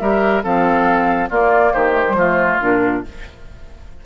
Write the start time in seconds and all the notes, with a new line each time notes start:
0.00 G3 G4 A#4 E5
0.44 F3 C4 A4 F5
1.30 A#3 F4 D5
1.73 D#3 G4 C5
1.92 A3
2.08 G3
2.14 F3 A3 F4
2.61 A#2 D4 A#4